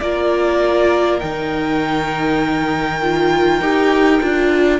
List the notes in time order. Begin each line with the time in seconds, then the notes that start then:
0.00 A#3 F4 A#4 D5
1.20 D#3 D#4 G5
3.02 F4
3.60 D#4 G4
4.20 D4 F4